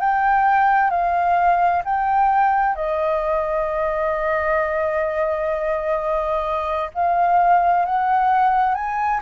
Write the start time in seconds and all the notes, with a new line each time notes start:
0.00 G5
0.90 F5
1.84 G5
2.75 D#5
6.94 F5
7.85 F#5
8.74 G#5